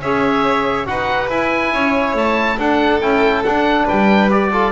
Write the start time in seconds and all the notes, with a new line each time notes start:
0.00 C#4 G#4 C#5 E5
0.85 D#4 F#4 B4 F#5
1.29 E4 G#5
1.73 C#4 C#5
2.14 A3 A5
2.57 D4 A4 F#5
3.00 C#4 E4 G5
3.44 D4 F#5
3.85 G3 B4 G5
4.30 G4 D5
4.52 F4 A4